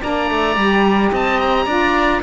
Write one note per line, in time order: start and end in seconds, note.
0.00 0.30 A#3
0.00 0.55 D4
0.00 1.11 D5
0.00 1.13 A#5
0.30 0.56 A3
0.56 1.11 G3
0.56 1.67 G4
1.12 1.66 C4
1.12 1.65 D#5
1.12 1.39 A5
1.39 2.22 A#5
1.65 2.21 D4
1.65 2.22 F4
1.65 2.21 D5